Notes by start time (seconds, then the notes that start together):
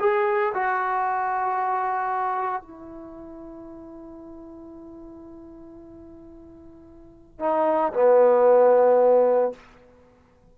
0.00 G#4
0.54 F#4
2.62 E4
7.39 D#4
7.93 B3